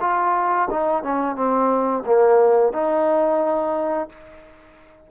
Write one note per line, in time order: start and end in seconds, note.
0.00 0.68 F4
0.70 1.03 D#4
1.03 1.35 C#4
1.35 2.04 C4
2.06 2.72 A#3
2.72 4.09 D#4